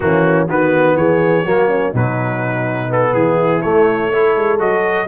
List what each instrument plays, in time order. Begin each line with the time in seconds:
0.00 tuba E3, trombone A#3, horn C#4, trumpet F#4
0.47 tuba D#3, trombone B3, horn F#4, trumpet B4
0.95 tuba E3, horn G#4, trumpet C#5
1.44 tuba F#3, trombone A#3, horn F#4
1.68 horn C#4
1.90 tuba B2, trombone F#3, horn D#4, trumpet B4
2.89 trombone B3, trumpet A4
3.14 tuba E3, horn E4, trumpet G#4
3.61 tuba A3, trombone A3, trumpet C#5
4.11 trombone E4, horn A4
4.35 tuba G#3
4.58 tuba F#3, trombone F#4, trumpet D#5